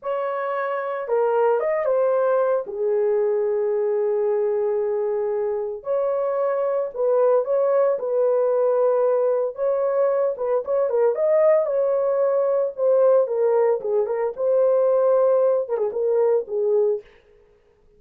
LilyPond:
\new Staff \with { instrumentName = "horn" } { \time 4/4 \tempo 4 = 113 cis''2 ais'4 dis''8 c''8~ | c''4 gis'2.~ | gis'2. cis''4~ | cis''4 b'4 cis''4 b'4~ |
b'2 cis''4. b'8 | cis''8 ais'8 dis''4 cis''2 | c''4 ais'4 gis'8 ais'8 c''4~ | c''4. ais'16 gis'16 ais'4 gis'4 | }